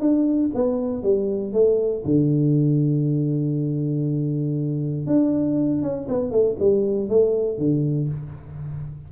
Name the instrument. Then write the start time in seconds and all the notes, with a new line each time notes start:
tuba
0.00 D4
0.55 B3
1.03 G3
1.53 A3
2.05 D3
5.07 D4
5.82 C#4
6.08 B3
6.31 A3
6.60 G3
7.09 A3
7.58 D3